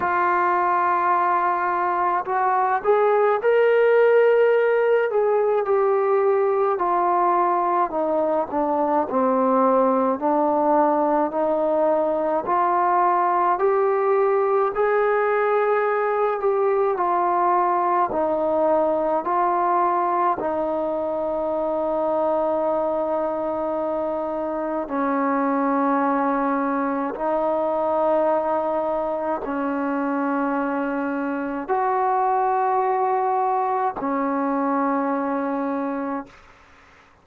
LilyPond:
\new Staff \with { instrumentName = "trombone" } { \time 4/4 \tempo 4 = 53 f'2 fis'8 gis'8 ais'4~ | ais'8 gis'8 g'4 f'4 dis'8 d'8 | c'4 d'4 dis'4 f'4 | g'4 gis'4. g'8 f'4 |
dis'4 f'4 dis'2~ | dis'2 cis'2 | dis'2 cis'2 | fis'2 cis'2 | }